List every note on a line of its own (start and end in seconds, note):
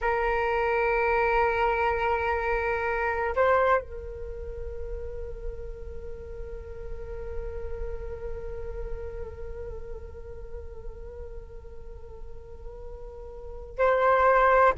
0.01 3.34 A#4
3.35 3.81 C5
3.81 13.78 A#4
13.78 14.73 C5